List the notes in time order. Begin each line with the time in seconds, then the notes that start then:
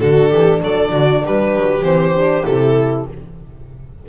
0.00 D3 D4 F#4 A4
0.30 E3 G4
0.62 F#3 A4 D5
0.92 D3 F#4
1.24 G3 G4 B4
1.56 F#3
1.83 E3 C4 C5
2.15 D4
2.45 C3 E4 A4